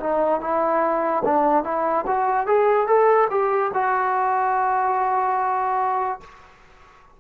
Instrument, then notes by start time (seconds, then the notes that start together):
trombone
0.00 D#4
0.41 E4
1.25 D4
1.64 E4
2.07 F#4
2.47 G#4
2.87 A4
3.31 G4
3.74 F#4